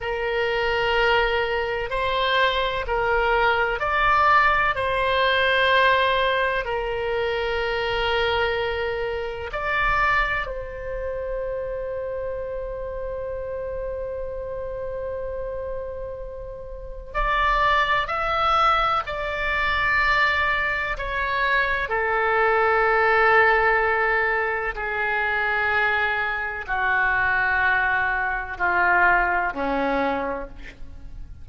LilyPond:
\new Staff \with { instrumentName = "oboe" } { \time 4/4 \tempo 4 = 63 ais'2 c''4 ais'4 | d''4 c''2 ais'4~ | ais'2 d''4 c''4~ | c''1~ |
c''2 d''4 e''4 | d''2 cis''4 a'4~ | a'2 gis'2 | fis'2 f'4 cis'4 | }